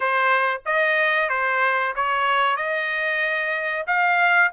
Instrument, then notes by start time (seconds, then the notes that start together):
trumpet
0.00 C5
0.65 D#5
1.29 C5
1.95 C#5
2.56 D#5
3.86 F5